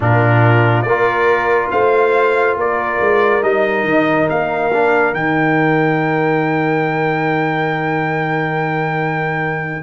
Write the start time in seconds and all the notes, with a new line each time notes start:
0.00 A#2 D4 F4 A#4
0.82 A#3 A#4 D5
0.89 F4
1.71 A3 C5 F5
2.56 A#3 A#4 D5
2.99 G#3
3.42 G3 D#4 D#5
3.83 D#3
4.29 A#3 F5
4.72 D4
5.13 D#3 D#4 G5